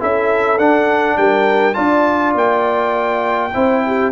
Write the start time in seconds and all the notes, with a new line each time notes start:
0.00 C#4 E4 A4 E5
0.58 D4 F#5
1.18 G3 A#4 G5
1.75 D4 F4 D5 A5
2.35 A#3 G5
3.54 C4 E4 C5
3.87 G4